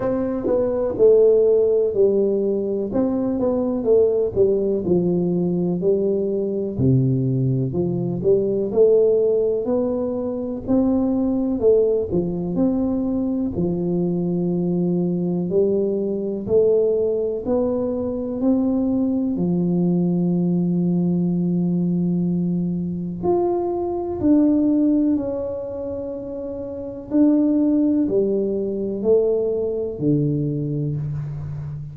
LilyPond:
\new Staff \with { instrumentName = "tuba" } { \time 4/4 \tempo 4 = 62 c'8 b8 a4 g4 c'8 b8 | a8 g8 f4 g4 c4 | f8 g8 a4 b4 c'4 | a8 f8 c'4 f2 |
g4 a4 b4 c'4 | f1 | f'4 d'4 cis'2 | d'4 g4 a4 d4 | }